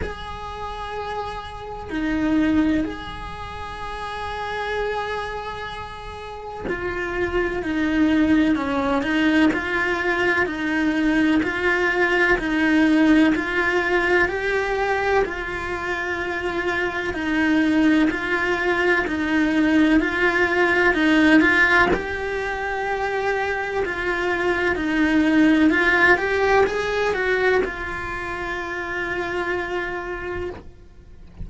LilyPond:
\new Staff \with { instrumentName = "cello" } { \time 4/4 \tempo 4 = 63 gis'2 dis'4 gis'4~ | gis'2. f'4 | dis'4 cis'8 dis'8 f'4 dis'4 | f'4 dis'4 f'4 g'4 |
f'2 dis'4 f'4 | dis'4 f'4 dis'8 f'8 g'4~ | g'4 f'4 dis'4 f'8 g'8 | gis'8 fis'8 f'2. | }